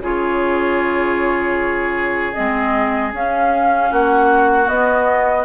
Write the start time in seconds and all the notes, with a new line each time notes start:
0.00 C#3 F4 G#4 C#5
2.34 G#3 C4 D#5
3.13 C#4 F5
3.91 A#3 F#4 F#5
4.66 B3 D#5